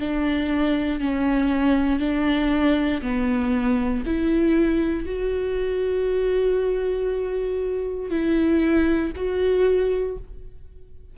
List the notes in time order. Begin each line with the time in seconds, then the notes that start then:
0.00 D4
1.00 C#4
2.00 D4
3.02 B3
4.06 E4
5.06 F#4
8.10 E4
9.16 F#4